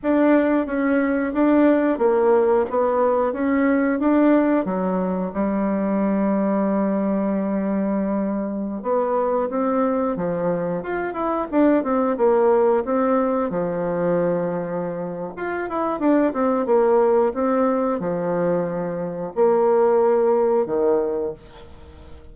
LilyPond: \new Staff \with { instrumentName = "bassoon" } { \time 4/4 \tempo 4 = 90 d'4 cis'4 d'4 ais4 | b4 cis'4 d'4 fis4 | g1~ | g4~ g16 b4 c'4 f8.~ |
f16 f'8 e'8 d'8 c'8 ais4 c'8.~ | c'16 f2~ f8. f'8 e'8 | d'8 c'8 ais4 c'4 f4~ | f4 ais2 dis4 | }